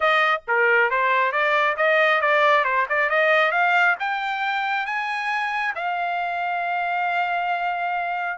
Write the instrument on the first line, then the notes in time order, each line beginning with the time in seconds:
trumpet
0.00 D#5
0.47 A#4
0.90 C5
1.32 D5
1.76 D#5
2.21 D5
2.64 C5
2.89 D5
3.09 D#5
3.51 F5
3.99 G5
4.85 G#5
5.75 F5